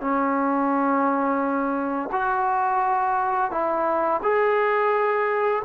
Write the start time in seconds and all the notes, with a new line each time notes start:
0.00 C#4
2.12 F#4
3.51 E4
4.22 G#4